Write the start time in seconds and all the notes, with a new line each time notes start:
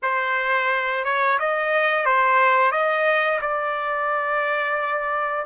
0.02 C5
1.04 C#5
1.39 D#5
2.05 C5
2.71 D#5
3.41 D5